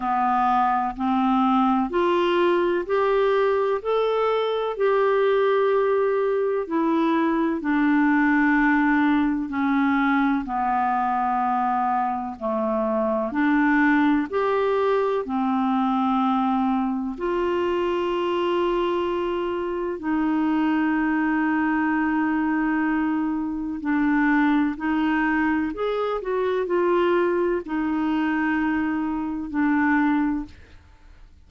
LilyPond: \new Staff \with { instrumentName = "clarinet" } { \time 4/4 \tempo 4 = 63 b4 c'4 f'4 g'4 | a'4 g'2 e'4 | d'2 cis'4 b4~ | b4 a4 d'4 g'4 |
c'2 f'2~ | f'4 dis'2.~ | dis'4 d'4 dis'4 gis'8 fis'8 | f'4 dis'2 d'4 | }